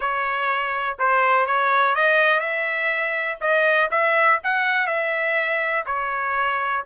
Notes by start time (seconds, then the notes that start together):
0.00 C#5
0.98 C5
1.46 C#5
1.95 D#5
2.40 E5
3.40 D#5
3.90 E5
4.43 F#5
4.86 E5
5.86 C#5